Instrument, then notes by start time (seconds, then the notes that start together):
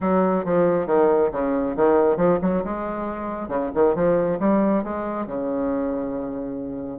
bassoon
0.01 F#3
0.44 F3
0.86 D#3
1.31 C#3
1.76 D#3
2.17 F3
2.41 F#3
2.64 G#3
3.48 C#3
3.74 D#3
3.95 F3
4.39 G3
4.83 G#3
5.26 C#3